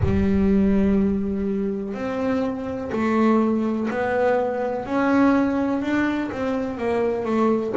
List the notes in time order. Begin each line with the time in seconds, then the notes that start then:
0.03 G3
1.94 C4
2.92 A3
3.90 B3
4.85 C#4
5.82 D4
6.31 C4
6.77 A#3
7.25 A3